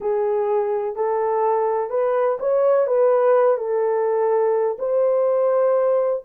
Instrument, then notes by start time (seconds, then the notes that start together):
horn
0.00 G#4
0.95 A4
1.90 B4
2.39 C#5
2.86 B4
3.57 A4
4.78 C5